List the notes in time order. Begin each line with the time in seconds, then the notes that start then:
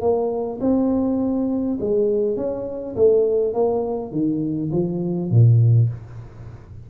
0.00 A#3
0.60 C4
1.80 G#3
2.36 C#4
2.95 A3
3.53 A#3
4.11 D#3
4.71 F3
5.30 A#2